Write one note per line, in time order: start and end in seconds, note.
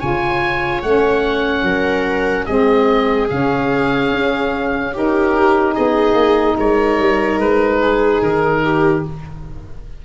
0.00 0.83 C#3
0.00 0.83 F4
0.00 1.64 C#5
0.00 0.83 G#5
0.83 1.63 A3
0.83 2.47 C#4
0.83 2.46 F#5
1.63 2.45 F#3
1.63 2.46 A#4
2.46 3.29 G#3
2.46 3.29 C4
2.46 4.93 G#4
2.46 3.28 D#5
3.29 4.11 C#3
3.29 4.94 C#4
3.29 4.94 F5
4.11 5.76 C#4
4.93 9.05 D#4
4.93 5.75 G4
4.93 5.75 A#4
5.75 6.14 B3
5.75 6.57 G#4
5.75 6.57 D#5
6.14 6.55 A#3
6.58 6.99 G#3
6.58 7.81 A#4
6.58 7.40 C#5
6.99 7.38 G3
7.38 8.20 G#3
7.38 8.22 B4
7.82 8.64 G#4
8.23 9.05 D#3
8.23 9.05 A#4
8.64 9.05 G4